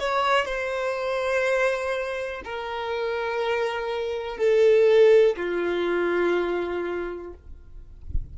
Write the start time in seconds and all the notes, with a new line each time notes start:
0.00 C#5
0.46 C5
2.45 A#4
4.38 A4
5.37 F4